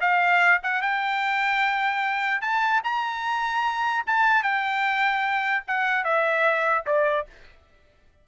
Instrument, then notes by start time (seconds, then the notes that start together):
trumpet
0.00 F5
0.62 F#5
0.81 G5
2.41 A5
2.83 A#5
4.06 A5
4.42 G5
5.67 F#5
6.04 E5
6.86 D5